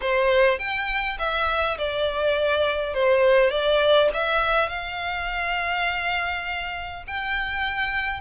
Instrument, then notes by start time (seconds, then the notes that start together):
violin
0.01 C5
0.58 G5
1.18 E5
1.78 D5
2.94 C5
3.50 D5
4.13 E5
4.68 F5
7.07 G5